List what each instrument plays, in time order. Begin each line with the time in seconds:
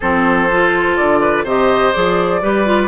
0.00 bassoon F3, clarinet C4, oboe A4, flute C5
0.51 clarinet F4
0.95 bassoon D3, flute D5
1.21 oboe B4
1.43 bassoon C3, clarinet G4, oboe C5, flute D#5
1.92 bassoon F3, clarinet G#4, flute D5
2.41 bassoon G3, clarinet G4, oboe B4
2.65 clarinet F4